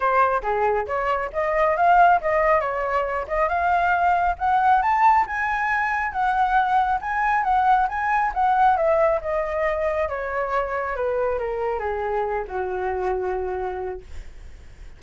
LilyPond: \new Staff \with { instrumentName = "flute" } { \time 4/4 \tempo 4 = 137 c''4 gis'4 cis''4 dis''4 | f''4 dis''4 cis''4. dis''8 | f''2 fis''4 a''4 | gis''2 fis''2 |
gis''4 fis''4 gis''4 fis''4 | e''4 dis''2 cis''4~ | cis''4 b'4 ais'4 gis'4~ | gis'8 fis'2.~ fis'8 | }